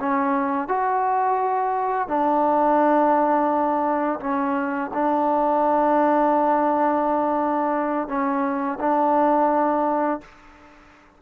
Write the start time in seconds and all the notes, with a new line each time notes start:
0.00 C#4
0.68 F#4
2.08 D4
4.21 C#4
4.94 D4
8.08 C#4
8.80 D4